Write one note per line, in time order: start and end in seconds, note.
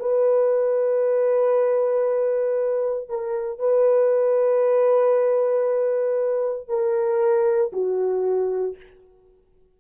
0.00 3.09 B4
3.09 3.59 A#4
3.59 6.68 B4
6.68 7.72 A#4
7.73 8.76 F#4